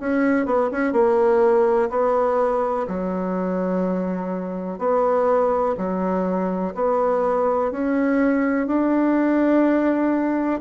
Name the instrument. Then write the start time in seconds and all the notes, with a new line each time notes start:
bassoon
0.00 C#4
0.46 B3
0.72 C#4
0.93 A#3
1.90 B3
2.88 F#3
4.79 B3
5.78 F#3
6.75 B3
7.72 C#4
8.67 D4